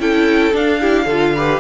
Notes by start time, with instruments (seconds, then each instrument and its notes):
0.00 cello C#4, viola E4, violin A4 G5
0.53 viola D4, cello D4, violin F5
0.81 viola E4, violin G4
1.05 cello D3, viola F4, violin A4
1.35 viola G4, violin B4